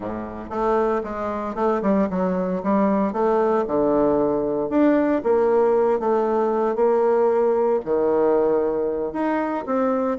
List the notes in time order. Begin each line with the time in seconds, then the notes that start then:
0.00 A2
0.50 A3
1.03 G#3
1.55 A3
1.82 G3
2.10 F#3
2.63 G3
3.12 A3
3.67 D3
4.69 D4
5.23 A#3
5.99 A3
6.75 A#3
7.85 D#3
9.12 D#4
9.65 C4